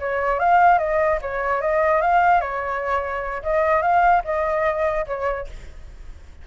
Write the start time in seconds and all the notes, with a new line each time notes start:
0.00 C#5
0.40 F5
0.79 D#5
1.22 C#5
1.62 D#5
2.02 F5
2.41 C#5
3.43 D#5
3.82 F5
4.25 D#5
5.07 C#5